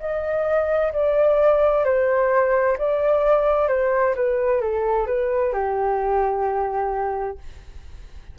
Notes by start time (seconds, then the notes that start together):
0.00 D#5
0.93 D5
1.85 C5
2.78 D5
3.69 C5
4.16 B4
4.61 A4
5.07 B4
5.53 G4